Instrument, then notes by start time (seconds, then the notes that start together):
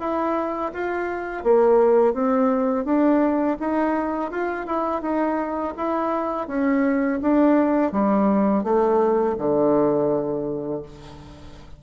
bassoon
0.00 E4
0.74 F4
1.44 A#3
2.14 C4
2.85 D4
3.60 D#4
4.31 F4
4.67 E4
5.02 D#4
5.77 E4
6.48 C#4
7.22 D4
7.93 G3
8.64 A3
9.38 D3